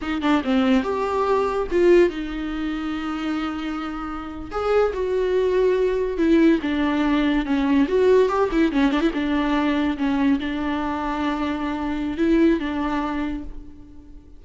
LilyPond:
\new Staff \with { instrumentName = "viola" } { \time 4/4 \tempo 4 = 143 dis'8 d'8 c'4 g'2 | f'4 dis'2.~ | dis'2~ dis'8. gis'4 fis'16~ | fis'2~ fis'8. e'4 d'16~ |
d'4.~ d'16 cis'4 fis'4 g'16~ | g'16 e'8 cis'8 d'16 e'16 d'2 cis'16~ | cis'8. d'2.~ d'16~ | d'4 e'4 d'2 | }